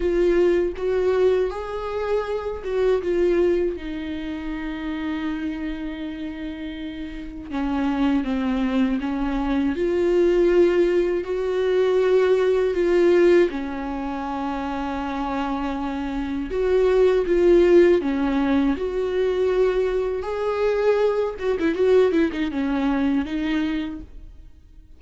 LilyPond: \new Staff \with { instrumentName = "viola" } { \time 4/4 \tempo 4 = 80 f'4 fis'4 gis'4. fis'8 | f'4 dis'2.~ | dis'2 cis'4 c'4 | cis'4 f'2 fis'4~ |
fis'4 f'4 cis'2~ | cis'2 fis'4 f'4 | cis'4 fis'2 gis'4~ | gis'8 fis'16 e'16 fis'8 e'16 dis'16 cis'4 dis'4 | }